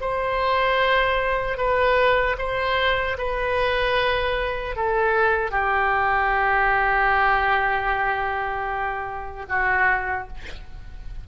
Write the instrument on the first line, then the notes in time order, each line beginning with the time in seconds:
oboe
0.00 C5
1.57 B4
2.38 C5
3.18 B4
4.75 A4
5.50 G4
9.48 F#4